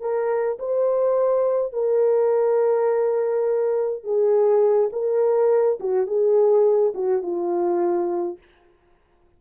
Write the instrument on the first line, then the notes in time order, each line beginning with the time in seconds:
horn
0.00 A#4
0.59 C5
1.72 A#4
4.03 G#4
4.92 A#4
5.80 F#4
6.06 G#4
6.94 F#4
7.22 F4